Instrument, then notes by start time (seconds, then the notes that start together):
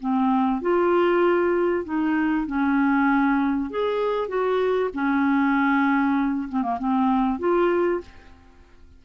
clarinet
0.00 C4
0.61 F4
1.84 D#4
2.46 C#4
3.70 G#4
4.28 F#4
4.94 C#4
6.49 C4
6.63 A#3
6.79 C4
7.39 F4